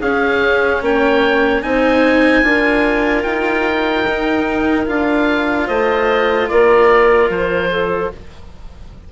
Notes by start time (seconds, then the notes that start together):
0.00 C#4 G#4 F5
0.82 A#3 C#5 G5
1.62 C4 D#4 C5 G#5
2.43 D4 F4 A#4
3.24 D#4 G5
4.08 D#4
4.86 D4 F4 F5
5.67 A3 C5 D#5
6.49 A#3 A#4 D5
7.30 F3 C5
7.71 A4